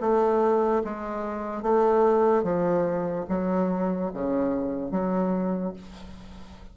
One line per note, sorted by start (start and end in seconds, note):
0.00 0.82 A3
0.84 1.62 G#3
1.62 2.43 A3
2.43 3.25 F3
3.29 4.11 F#3
4.13 4.91 C#3
4.91 5.73 F#3